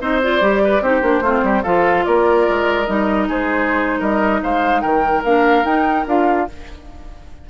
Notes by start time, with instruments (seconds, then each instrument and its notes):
0.00 bassoon C4, clarinet D#4, oboe C5, flute D#5
0.22 clarinet F4, flute D5
0.40 bassoon G3, clarinet G4
0.64 oboe B4
0.81 bassoon C4, clarinet D#4, oboe G4, flute C5
1.01 bassoon A#3, clarinet D4
1.21 bassoon A3, clarinet C4, oboe F4
1.43 bassoon G3, oboe G4
1.63 bassoon F3, clarinet F4, oboe A4, flute F5
2.04 bassoon A#3, oboe A#4, flute D5
2.48 bassoon G#3
2.86 bassoon G3, clarinet D#4, flute D#5
3.28 bassoon G#3, oboe G#4, flute C5
3.99 bassoon G3, oboe A#4, flute D#5
4.43 bassoon G#3, oboe C5, flute F5
4.81 bassoon D#3, oboe A#4, flute G5
5.24 bassoon A#3, clarinet D4, flute F5
5.64 bassoon D#4, clarinet D#4, flute G5
6.06 bassoon D4, clarinet F4, flute F5